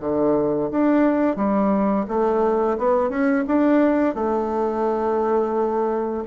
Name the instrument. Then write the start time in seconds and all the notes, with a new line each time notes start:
bassoon
0.00 D3
0.70 D4
1.36 G3
2.08 A3
2.78 B3
3.09 C#4
3.47 D4
4.14 A3